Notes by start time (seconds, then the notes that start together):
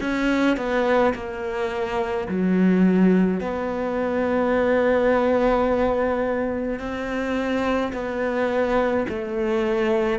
0.00 C#4
0.57 B3
1.14 A#3
2.28 F#3
3.40 B3
6.79 C4
7.92 B3
9.09 A3